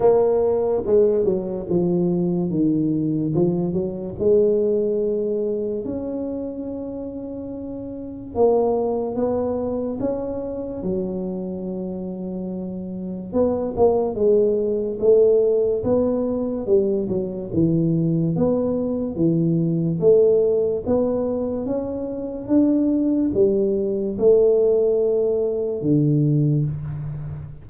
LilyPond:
\new Staff \with { instrumentName = "tuba" } { \time 4/4 \tempo 4 = 72 ais4 gis8 fis8 f4 dis4 | f8 fis8 gis2 cis'4~ | cis'2 ais4 b4 | cis'4 fis2. |
b8 ais8 gis4 a4 b4 | g8 fis8 e4 b4 e4 | a4 b4 cis'4 d'4 | g4 a2 d4 | }